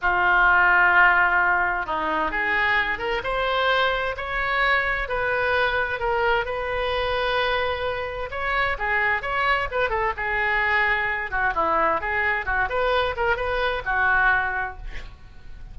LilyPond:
\new Staff \with { instrumentName = "oboe" } { \time 4/4 \tempo 4 = 130 f'1 | dis'4 gis'4. ais'8 c''4~ | c''4 cis''2 b'4~ | b'4 ais'4 b'2~ |
b'2 cis''4 gis'4 | cis''4 b'8 a'8 gis'2~ | gis'8 fis'8 e'4 gis'4 fis'8 b'8~ | b'8 ais'8 b'4 fis'2 | }